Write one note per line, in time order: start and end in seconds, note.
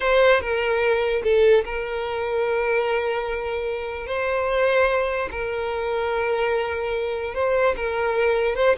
0.00 0.40 C5
0.41 1.22 A#4
1.23 1.64 A4
1.64 4.06 A#4
4.06 5.29 C5
5.31 7.34 A#4
7.34 7.75 C5
7.76 8.55 A#4
8.55 8.76 C5